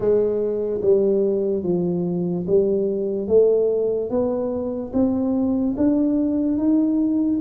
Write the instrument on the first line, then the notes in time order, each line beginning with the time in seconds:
tuba
0.00 G#3
0.81 G3
1.63 F3
2.47 G3
3.27 A3
4.09 B3
4.93 C4
5.77 D4
6.57 D#4